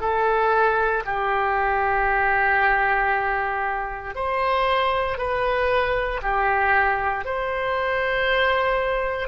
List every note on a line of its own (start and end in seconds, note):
0.00 1.03 A4
1.05 4.15 G4
4.15 5.18 C5
5.18 6.21 B4
6.22 7.25 G4
7.25 9.28 C5